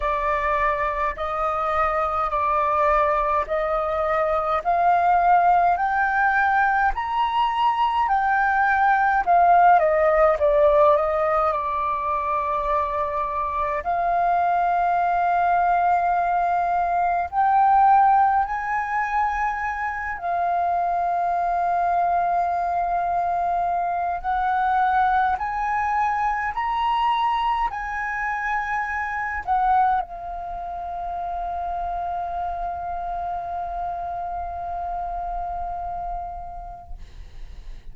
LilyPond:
\new Staff \with { instrumentName = "flute" } { \time 4/4 \tempo 4 = 52 d''4 dis''4 d''4 dis''4 | f''4 g''4 ais''4 g''4 | f''8 dis''8 d''8 dis''8 d''2 | f''2. g''4 |
gis''4. f''2~ f''8~ | f''4 fis''4 gis''4 ais''4 | gis''4. fis''8 f''2~ | f''1 | }